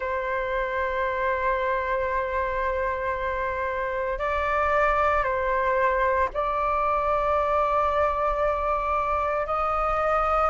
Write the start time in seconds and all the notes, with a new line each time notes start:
0.00 C5
4.18 D5
5.23 C5
6.33 D5
9.46 D#5